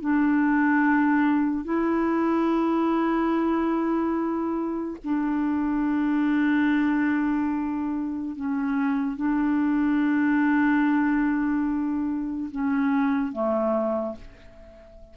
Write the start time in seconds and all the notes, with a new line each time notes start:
0.00 D4
1.64 E4
5.03 D4
8.36 C#4
9.16 D4
12.51 C#4
13.32 A3